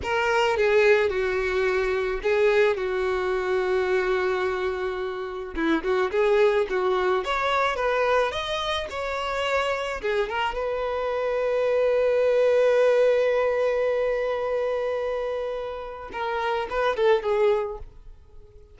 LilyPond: \new Staff \with { instrumentName = "violin" } { \time 4/4 \tempo 4 = 108 ais'4 gis'4 fis'2 | gis'4 fis'2.~ | fis'2 e'8 fis'8 gis'4 | fis'4 cis''4 b'4 dis''4 |
cis''2 gis'8 ais'8 b'4~ | b'1~ | b'1~ | b'4 ais'4 b'8 a'8 gis'4 | }